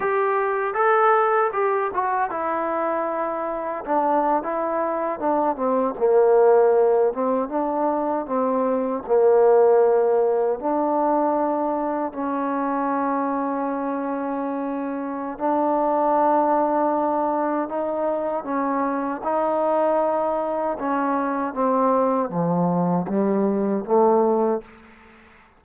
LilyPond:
\new Staff \with { instrumentName = "trombone" } { \time 4/4 \tempo 4 = 78 g'4 a'4 g'8 fis'8 e'4~ | e'4 d'8. e'4 d'8 c'8 ais16~ | ais4~ ais16 c'8 d'4 c'4 ais16~ | ais4.~ ais16 d'2 cis'16~ |
cis'1 | d'2. dis'4 | cis'4 dis'2 cis'4 | c'4 f4 g4 a4 | }